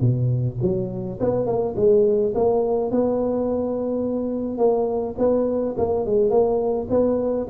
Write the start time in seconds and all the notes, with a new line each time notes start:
0.00 B2
0.61 F#3
1.20 B3
1.46 A#3
1.76 G#3
2.34 A#3
2.90 B3
4.58 A#3
5.18 B3
5.77 A#3
6.05 G#3
6.30 A#3
6.89 B3